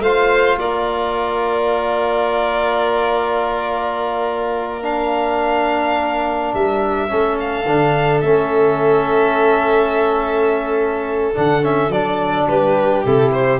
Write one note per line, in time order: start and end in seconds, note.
0.00 0.57 A3
0.00 4.82 F4
0.00 0.59 C5
0.00 0.58 F5
0.59 6.54 A#3
0.59 7.10 A#4
0.59 4.83 D5
4.82 7.09 D4
4.82 6.54 F5
6.54 7.10 G3
6.54 7.39 E5
7.09 7.66 A3
7.09 7.66 C#4
7.09 12.48 A4
7.40 8.21 F5
7.66 8.22 D3
7.66 8.24 D4
8.21 11.33 A3
8.21 11.35 C#4
8.21 11.32 E5
11.35 11.89 D3
11.35 11.62 D4
11.35 11.65 F#5
11.62 11.90 C#4
11.62 11.92 E5
11.89 12.46 F#3
11.89 13.06 D4
11.89 12.48 D5
12.48 13.05 G3
12.48 13.60 G4
12.48 13.05 B4
13.06 13.60 C3
13.06 13.60 E4
13.06 13.32 A4
13.32 13.60 C5